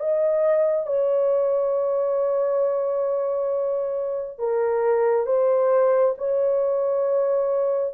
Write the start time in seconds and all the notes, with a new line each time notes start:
0.00 D#5
0.87 C#5
4.39 A#4
5.27 C5
6.18 C#5